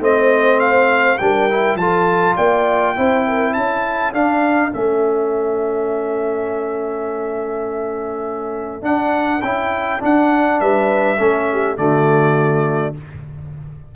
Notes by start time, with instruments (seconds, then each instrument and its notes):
0.00 tuba A3, trombone C4, horn C5, trumpet D#5
0.60 trumpet F5
1.18 tuba G3, trombone D4, horn A#4, trumpet G5
1.50 trombone E4
1.75 tuba F3, trombone F4, horn A4, trumpet A5
2.35 tuba A#3, horn D5, trumpet G5
2.96 tuba C4, trombone E4, horn C5
3.27 horn A#4
3.54 tuba C#4, horn A4, trumpet A5
4.14 tuba D4, trombone D4, trumpet F5
4.72 tuba A3, trombone C#4, trumpet E5
8.82 trombone D4, tuba D4, trumpet F#5
9.42 tuba C#4, trombone E4, trumpet G5
10.00 trombone D4, tuba D4, trumpet F#5
10.61 tuba G3, horn B4, trumpet E5
11.19 tuba A3, trombone C#4, horn A4
11.52 horn G4
11.77 tuba D3, trombone A3, horn F#4, trumpet D5